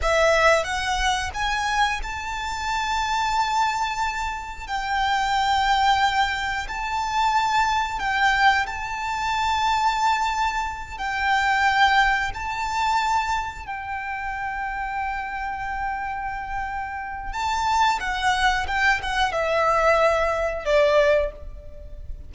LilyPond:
\new Staff \with { instrumentName = "violin" } { \time 4/4 \tempo 4 = 90 e''4 fis''4 gis''4 a''4~ | a''2. g''4~ | g''2 a''2 | g''4 a''2.~ |
a''8 g''2 a''4.~ | a''8 g''2.~ g''8~ | g''2 a''4 fis''4 | g''8 fis''8 e''2 d''4 | }